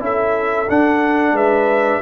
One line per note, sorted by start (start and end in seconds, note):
0.00 0.68 C#4
0.00 0.67 E4
0.00 1.35 A4
0.00 0.70 E5
0.70 1.33 D4
0.70 2.02 D4
0.70 1.37 F#5
1.33 1.99 G#3
1.33 2.02 B4
1.33 2.02 E5